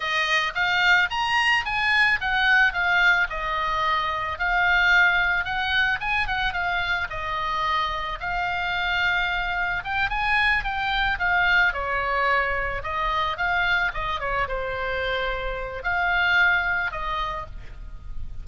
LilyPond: \new Staff \with { instrumentName = "oboe" } { \time 4/4 \tempo 4 = 110 dis''4 f''4 ais''4 gis''4 | fis''4 f''4 dis''2 | f''2 fis''4 gis''8 fis''8 | f''4 dis''2 f''4~ |
f''2 g''8 gis''4 g''8~ | g''8 f''4 cis''2 dis''8~ | dis''8 f''4 dis''8 cis''8 c''4.~ | c''4 f''2 dis''4 | }